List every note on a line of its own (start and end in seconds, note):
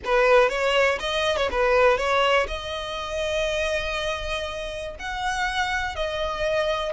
0.05 0.49 B4
0.49 0.98 C#5
0.99 1.36 D#5
1.36 1.49 C#5
1.51 1.97 B4
1.97 2.47 C#5
2.47 4.95 D#5
4.99 5.95 F#5
5.95 6.92 D#5